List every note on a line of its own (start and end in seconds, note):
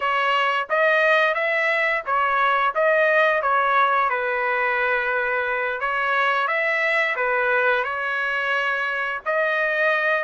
0.00 0.67 C#5
0.69 1.34 D#5
1.34 2.02 E5
2.05 2.74 C#5
2.75 3.42 D#5
3.42 4.09 C#5
4.09 5.80 B4
5.80 6.47 C#5
6.47 7.15 E5
7.16 7.83 B4
7.83 9.20 C#5
9.25 10.24 D#5